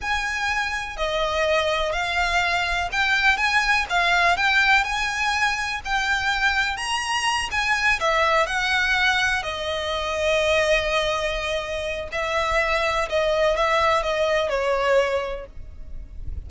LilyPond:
\new Staff \with { instrumentName = "violin" } { \time 4/4 \tempo 4 = 124 gis''2 dis''2 | f''2 g''4 gis''4 | f''4 g''4 gis''2 | g''2 ais''4. gis''8~ |
gis''8 e''4 fis''2 dis''8~ | dis''1~ | dis''4 e''2 dis''4 | e''4 dis''4 cis''2 | }